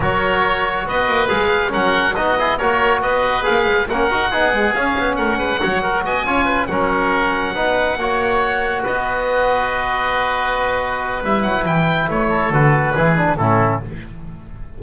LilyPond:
<<
  \new Staff \with { instrumentName = "oboe" } { \time 4/4 \tempo 4 = 139 cis''2 dis''4 f''4 | fis''4 dis''4 cis''4 dis''4 | f''4 fis''2 f''4 | fis''2 gis''4. fis''8~ |
fis''1~ | fis''8 dis''2.~ dis''8~ | dis''2 e''8 fis''8 g''4 | cis''4 b'2 a'4 | }
  \new Staff \with { instrumentName = "oboe" } { \time 4/4 ais'2 b'2 | ais'4 fis'8 gis'8 ais'4 b'4~ | b'4 ais'4 gis'2 | ais'8 b'8 cis''8 ais'8 dis''8 cis''8 b'8 ais'8~ |
ais'4. b'4 cis''4.~ | cis''8 b'2.~ b'8~ | b'1~ | b'8 a'4. gis'4 e'4 | }
  \new Staff \with { instrumentName = "trombone" } { \time 4/4 fis'2. gis'4 | cis'4 dis'8 e'8 fis'2 | gis'4 cis'8 fis'8 dis'8 gis8 cis'4~ | cis'4 fis'4. f'4 cis'8~ |
cis'4. dis'4 fis'4.~ | fis'1~ | fis'2 e'2~ | e'4 fis'4 e'8 d'8 cis'4 | }
  \new Staff \with { instrumentName = "double bass" } { \time 4/4 fis2 b8 ais8 gis4 | fis4 b4 ais4 b4 | ais8 gis8 ais8 dis'8 b4 cis'8 b8 | a8 gis8 fis4 b8 cis'4 fis8~ |
fis4. b4 ais4.~ | ais8 b2.~ b8~ | b2 g8 fis8 e4 | a4 d4 e4 a,4 | }
>>